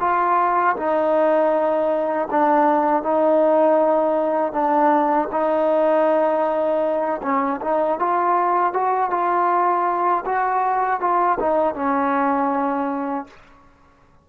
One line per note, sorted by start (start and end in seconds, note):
0.00 0.76 F4
0.76 2.28 D#4
2.31 3.03 D4
3.03 4.53 D#4
4.53 5.29 D4
5.31 7.21 D#4
7.23 7.61 C#4
7.61 7.99 D#4
7.99 8.73 F4
8.73 9.11 F#4
9.11 10.25 F4
10.26 11.00 F#4
11.00 11.38 F4
11.40 11.75 D#4
11.75 13.27 C#4